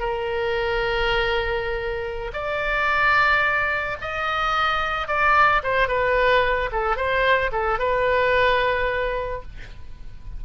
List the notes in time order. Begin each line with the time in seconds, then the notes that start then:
0.00 A#4
2.34 D5
4.01 D#5
5.08 D5
5.64 C5
5.88 B4
6.72 A4
6.96 C5
7.52 A4
7.79 B4